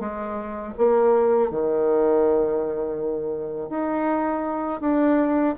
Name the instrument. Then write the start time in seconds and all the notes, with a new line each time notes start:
bassoon
0.00 G#3
0.78 A#3
1.51 D#3
3.70 D#4
4.81 D4